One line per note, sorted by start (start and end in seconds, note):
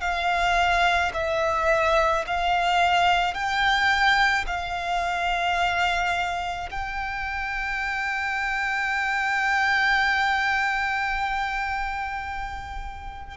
0.00 1.11 F5
1.14 2.25 E5
2.27 3.34 F5
3.34 4.45 G5
4.47 6.69 F5
6.71 13.36 G5